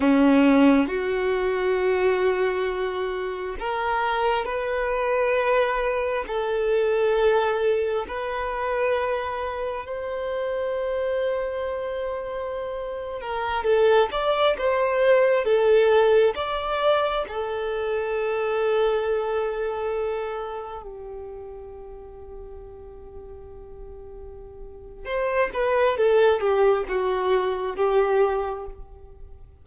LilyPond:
\new Staff \with { instrumentName = "violin" } { \time 4/4 \tempo 4 = 67 cis'4 fis'2. | ais'4 b'2 a'4~ | a'4 b'2 c''4~ | c''2~ c''8. ais'8 a'8 d''16~ |
d''16 c''4 a'4 d''4 a'8.~ | a'2.~ a'16 g'8.~ | g'1 | c''8 b'8 a'8 g'8 fis'4 g'4 | }